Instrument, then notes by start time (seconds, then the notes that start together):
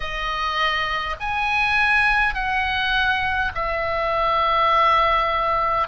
oboe
0.00 D#5
1.20 G#5
2.34 F#5
3.55 E5